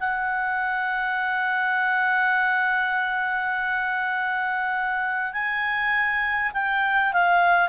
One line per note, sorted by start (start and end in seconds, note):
0.00 5.34 F#5
5.34 6.52 G#5
6.54 7.13 G5
7.13 7.69 F5